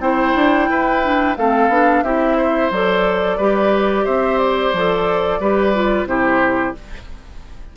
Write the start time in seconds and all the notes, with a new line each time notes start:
0.00 C4 E4 C5 G5
0.35 D4
0.70 E4 B4
1.03 D4
1.37 A3 C4 A4 F5
1.69 B3 D4
2.03 C4 E4 G4 E5
2.37 C5
2.71 F#3 A4 D5
3.37 G3 G4 B4
4.04 C4 C5 E5
4.38 D5
4.74 F3 A4
5.40 G3 G4 B4
5.75 F4
6.05 C3 E4 G4 C5